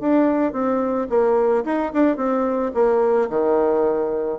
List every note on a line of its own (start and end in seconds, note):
0.00 0.52 D4
0.52 1.07 C4
1.09 1.64 A#3
1.64 1.92 D#4
1.93 2.16 D4
2.16 2.71 C4
2.74 3.29 A#3
3.29 4.39 D#3